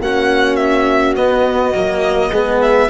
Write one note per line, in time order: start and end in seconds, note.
0.00 1.16 A#3
0.00 1.17 C#4
0.00 2.31 F#4
0.00 0.56 F#5
0.56 1.14 E5
1.16 1.74 B3
1.16 2.62 D#5
1.74 2.31 F#3
1.74 2.33 A#3
2.31 2.89 G#3
2.31 2.90 B3
2.31 2.89 G#4
2.62 2.90 E5